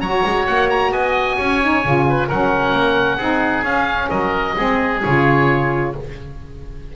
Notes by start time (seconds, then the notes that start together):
0.00 F#3 F#4 C#5 A#5
0.25 G#3
0.46 A#3 F#5
0.70 A#5
0.91 B3 D#5 G#5
1.36 C#4 C#5
1.62 D#4
1.84 C#3 F4
2.09 B4
2.28 F#3 C#4 A#4 F#5
2.72 A#3
3.17 C4 D#4 G#4
3.63 C#4 F5
4.09 F#3 A#4 D#5
4.56 G#3 C4 G#4
5.03 C#3 F4 C#5